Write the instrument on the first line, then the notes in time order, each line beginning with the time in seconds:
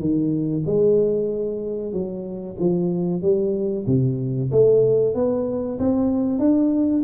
tuba
0.00 D#3
0.66 G#3
1.93 F#3
2.59 F3
3.22 G3
3.87 C3
4.51 A3
5.15 B3
5.79 C4
6.39 D4